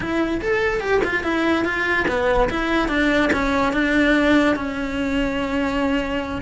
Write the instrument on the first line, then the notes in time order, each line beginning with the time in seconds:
cello
0.00 E4
0.41 A4
0.80 G4
1.04 F4
1.23 E4
1.64 F4
2.08 B3
2.50 E4
2.88 D4
3.32 C#4
3.73 D4
4.55 C#4